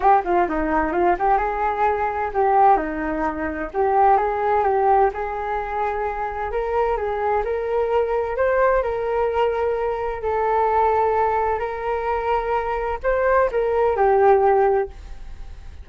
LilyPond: \new Staff \with { instrumentName = "flute" } { \time 4/4 \tempo 4 = 129 g'8 f'8 dis'4 f'8 g'8 gis'4~ | gis'4 g'4 dis'2 | g'4 gis'4 g'4 gis'4~ | gis'2 ais'4 gis'4 |
ais'2 c''4 ais'4~ | ais'2 a'2~ | a'4 ais'2. | c''4 ais'4 g'2 | }